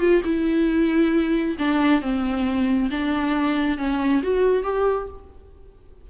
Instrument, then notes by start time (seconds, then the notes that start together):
viola
0.00 F4
0.24 E4
1.59 D4
2.02 C4
2.91 D4
3.78 C#4
4.23 F#4
4.64 G4